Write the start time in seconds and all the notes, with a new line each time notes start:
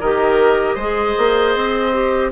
0.00 D#3 G4 A#4 D#5
0.75 G#3 G#4 C5
1.18 A#3
1.55 C4
1.93 G4